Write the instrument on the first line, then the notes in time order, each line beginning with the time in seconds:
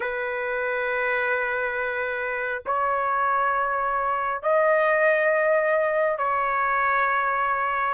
trumpet
0.00 B4
2.66 C#5
4.42 D#5
6.18 C#5